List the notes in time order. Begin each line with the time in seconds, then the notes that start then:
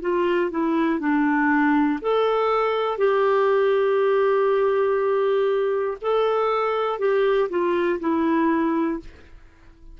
0.00 F4
0.50 E4
0.99 D4
2.01 A4
2.97 G4
6.01 A4
6.99 G4
7.49 F4
7.99 E4